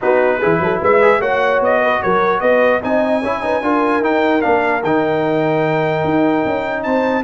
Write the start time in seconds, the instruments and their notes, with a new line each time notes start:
0.01 tuba B3, trombone D#4, horn F#4, trumpet B4
0.39 tuba E3, trombone E4, horn G#4
0.60 tuba F#3, horn A4
0.81 tuba G#3, horn B4, trumpet E5
1.01 trombone G#4
1.20 tuba A#3, trombone F#4, horn C#5, trumpet F#5
1.60 tuba B3, trumpet D#5
1.81 horn B4
2.02 tuba F#3, horn A#4, trumpet C#5
2.40 tuba B3, horn B4, trumpet D#5
2.82 tuba C4, trombone D#4, horn D#5, trumpet G#5
3.22 tuba C#4, trombone E4, horn C#5
3.41 trombone D#4, horn B4
3.62 tuba D4, trombone F4, horn A#4
4.00 tuba D#4, trombone D#4, trumpet G5
4.41 tuba A#3, trombone D4, trumpet F5
4.83 tuba D#3, trombone D#4, trumpet G5
6.04 tuba D#4
6.45 tuba C#4
6.83 tuba C4, horn C5, trumpet A5